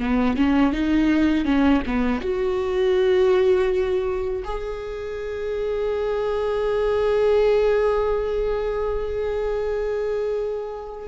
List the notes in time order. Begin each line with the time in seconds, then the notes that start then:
0.00 B3
0.37 C#4
0.73 D#4
1.45 C#4
1.87 B3
2.22 F#4
4.45 G#4